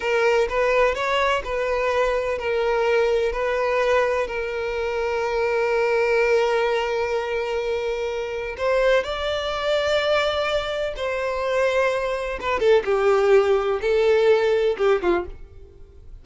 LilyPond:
\new Staff \with { instrumentName = "violin" } { \time 4/4 \tempo 4 = 126 ais'4 b'4 cis''4 b'4~ | b'4 ais'2 b'4~ | b'4 ais'2.~ | ais'1~ |
ais'2 c''4 d''4~ | d''2. c''4~ | c''2 b'8 a'8 g'4~ | g'4 a'2 g'8 f'8 | }